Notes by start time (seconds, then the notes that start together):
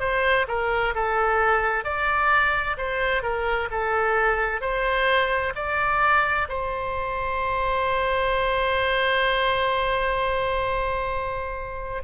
0.00 C5
0.48 A#4
0.95 A4
1.84 D5
2.78 C5
3.23 A#4
3.71 A4
4.61 C5
5.56 D5
6.49 C5